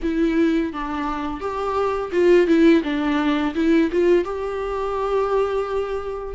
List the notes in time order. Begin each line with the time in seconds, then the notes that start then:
0.02 E4
0.73 D4
1.40 G4
2.12 F4
2.47 E4
2.83 D4
3.55 E4
3.91 F4
4.24 G4